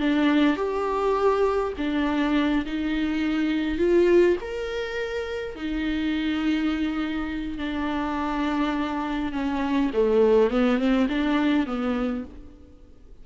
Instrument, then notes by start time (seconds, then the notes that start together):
viola
0.00 D4
0.56 G4
1.77 D4
2.65 D#4
3.78 F4
4.41 A#4
5.56 D#4
7.58 D4
9.32 C#4
9.93 A3
10.50 B3
10.78 C4
11.09 D4
11.66 B3